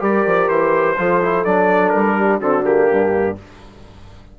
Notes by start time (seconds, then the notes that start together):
0.00 G3 G4 A#4 D5
0.26 F3
0.48 E3 C5
0.97 F3 F4 A4
1.22 E4
1.45 F#3 D4 D5
1.89 G3 A#4
2.17 G4
2.38 D3 C4 F#4 A4
2.64 A#3 G4
2.86 G2 D4